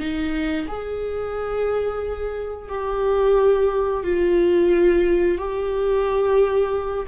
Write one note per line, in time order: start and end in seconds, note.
0.00 0.67 D#4
0.68 2.69 G#4
2.69 4.04 G4
4.04 5.38 F4
5.38 7.07 G4